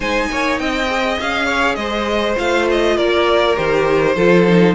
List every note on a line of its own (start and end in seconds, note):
0.00 0.27 G#3
0.00 0.86 D#4
0.00 0.28 C5
0.00 0.58 G#5
0.31 0.59 A#3
0.31 0.60 C#5
0.58 1.18 C4
0.58 1.46 D#5
0.58 1.17 G5
0.86 2.35 G#4
1.20 1.76 C#4
1.20 1.75 F5
1.46 1.75 C#5
1.75 2.35 G#3
1.75 2.96 C5
1.75 2.34 D#5
2.36 2.98 A3
2.36 3.55 F4
2.36 2.68 F5
2.71 2.97 D#5
2.96 3.57 A#3
2.96 4.15 A#4
2.96 3.56 D5
3.56 4.16 D#3
3.56 4.15 G4
3.56 4.75 C5
4.15 4.75 F3
4.15 4.46 F4
4.15 4.75 A4
4.48 4.75 D#4